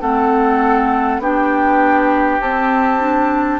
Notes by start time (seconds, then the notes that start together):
0.00 A3 C4 A4 F#5
1.19 B3 D4 G4 G5
2.40 C4 A5
3.00 D4